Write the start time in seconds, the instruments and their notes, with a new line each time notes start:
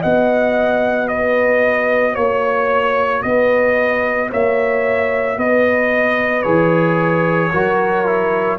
0.00 tuba B3, trombone F#4, horn D#5, trumpet F#5
1.08 horn B4, trumpet D#5
2.12 tuba A#3, horn C#5, trumpet C#5
3.22 tuba B3, horn B4, trumpet D#5
4.29 tuba A#3, horn C#5, trumpet E5
5.37 tuba B3, horn B4, trumpet D#5
6.42 tuba E3, trombone G#4, trumpet C#5
7.51 tuba F#3, trombone F#4, horn A#4
8.06 trombone E4